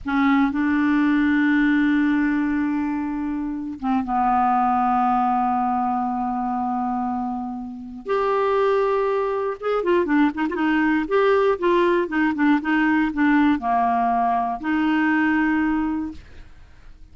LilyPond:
\new Staff \with { instrumentName = "clarinet" } { \time 4/4 \tempo 4 = 119 cis'4 d'2.~ | d'2.~ d'8 c'8 | b1~ | b1 |
g'2. gis'8 f'8 | d'8 dis'16 f'16 dis'4 g'4 f'4 | dis'8 d'8 dis'4 d'4 ais4~ | ais4 dis'2. | }